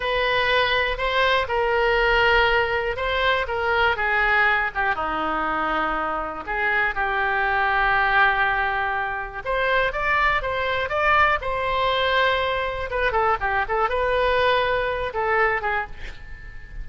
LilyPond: \new Staff \with { instrumentName = "oboe" } { \time 4/4 \tempo 4 = 121 b'2 c''4 ais'4~ | ais'2 c''4 ais'4 | gis'4. g'8 dis'2~ | dis'4 gis'4 g'2~ |
g'2. c''4 | d''4 c''4 d''4 c''4~ | c''2 b'8 a'8 g'8 a'8 | b'2~ b'8 a'4 gis'8 | }